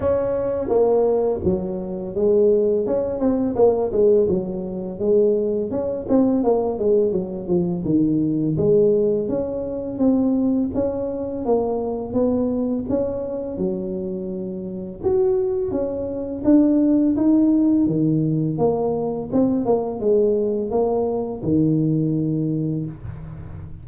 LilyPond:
\new Staff \with { instrumentName = "tuba" } { \time 4/4 \tempo 4 = 84 cis'4 ais4 fis4 gis4 | cis'8 c'8 ais8 gis8 fis4 gis4 | cis'8 c'8 ais8 gis8 fis8 f8 dis4 | gis4 cis'4 c'4 cis'4 |
ais4 b4 cis'4 fis4~ | fis4 fis'4 cis'4 d'4 | dis'4 dis4 ais4 c'8 ais8 | gis4 ais4 dis2 | }